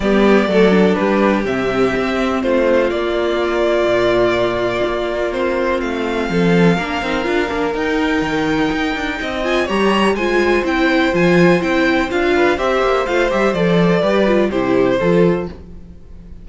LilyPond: <<
  \new Staff \with { instrumentName = "violin" } { \time 4/4 \tempo 4 = 124 d''2 b'4 e''4~ | e''4 c''4 d''2~ | d''2. c''4 | f''1 |
g''2.~ g''8 gis''8 | ais''4 gis''4 g''4 gis''4 | g''4 f''4 e''4 f''8 e''8 | d''2 c''2 | }
  \new Staff \with { instrumentName = "violin" } { \time 4/4 g'4 a'4 g'2~ | g'4 f'2.~ | f'1~ | f'4 a'4 ais'2~ |
ais'2. dis''4 | cis''4 c''2.~ | c''4. b'8 c''2~ | c''4 b'4 g'4 a'4 | }
  \new Staff \with { instrumentName = "viola" } { \time 4/4 b4 a8 d'4. c'4~ | c'2 ais2~ | ais2. c'4~ | c'2 d'8 dis'8 f'8 d'8 |
dis'2.~ dis'8 f'8 | g'4 f'4 e'4 f'4 | e'4 f'4 g'4 f'8 g'8 | a'4 g'8 f'8 e'4 f'4 | }
  \new Staff \with { instrumentName = "cello" } { \time 4/4 g4 fis4 g4 c4 | c'4 a4 ais2 | ais,2 ais2 | a4 f4 ais8 c'8 d'8 ais8 |
dis'4 dis4 dis'8 d'8 c'4 | g4 gis4 c'4 f4 | c'4 d'4 c'8 ais8 a8 g8 | f4 g4 c4 f4 | }
>>